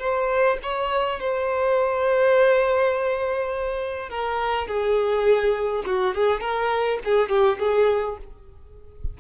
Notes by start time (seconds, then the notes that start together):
0.00 C5
0.63 C#5
1.20 C5
4.10 A#4
4.68 G#4
5.86 F#4
6.15 G#4
6.41 A#4
7.05 G#4
7.29 G4
7.59 G#4